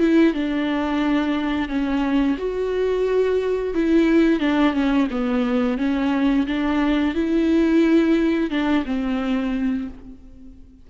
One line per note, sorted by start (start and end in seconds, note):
0.00 0.34 E4
0.34 1.69 D4
1.69 2.37 C#4
2.38 3.74 F#4
3.74 4.40 E4
4.40 4.74 D4
4.74 5.08 C#4
5.11 5.79 B3
5.79 6.47 C#4
6.47 7.15 D4
7.15 8.51 E4
8.51 8.85 D4
8.86 9.88 C4